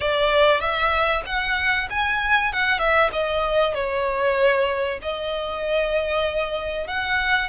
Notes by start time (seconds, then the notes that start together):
0.00 D5
0.60 E5
1.26 F#5
1.90 G#5
2.52 F#5
2.78 E5
3.12 D#5
3.74 C#5
5.01 D#5
6.87 F#5